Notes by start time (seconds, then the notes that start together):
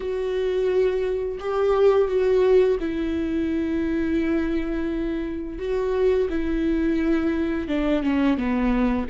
0.00 F#4
1.39 G4
2.07 F#4
2.80 E4
5.58 F#4
6.29 E4
7.68 D4
8.03 C#4
8.37 B3